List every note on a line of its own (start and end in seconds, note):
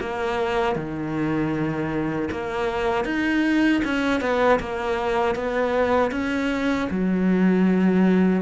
0.00 0.76 A#3
0.76 2.29 D#3
2.31 3.05 A#3
3.05 3.82 D#4
3.84 4.21 C#4
4.21 4.59 B3
4.60 5.35 A#3
5.35 6.12 B3
6.12 6.88 C#4
6.90 8.42 F#3